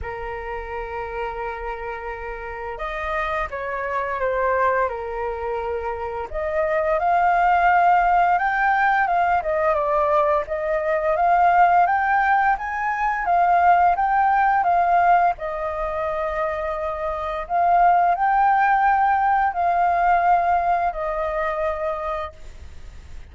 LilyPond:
\new Staff \with { instrumentName = "flute" } { \time 4/4 \tempo 4 = 86 ais'1 | dis''4 cis''4 c''4 ais'4~ | ais'4 dis''4 f''2 | g''4 f''8 dis''8 d''4 dis''4 |
f''4 g''4 gis''4 f''4 | g''4 f''4 dis''2~ | dis''4 f''4 g''2 | f''2 dis''2 | }